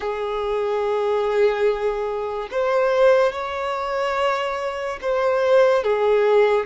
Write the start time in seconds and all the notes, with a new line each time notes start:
0.00 G#4
2.51 C5
3.32 C#5
5.01 C5
5.83 G#4